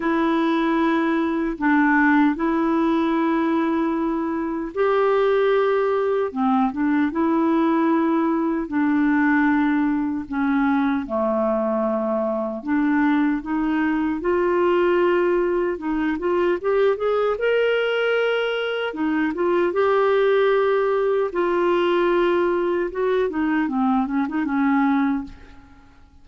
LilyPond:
\new Staff \with { instrumentName = "clarinet" } { \time 4/4 \tempo 4 = 76 e'2 d'4 e'4~ | e'2 g'2 | c'8 d'8 e'2 d'4~ | d'4 cis'4 a2 |
d'4 dis'4 f'2 | dis'8 f'8 g'8 gis'8 ais'2 | dis'8 f'8 g'2 f'4~ | f'4 fis'8 dis'8 c'8 cis'16 dis'16 cis'4 | }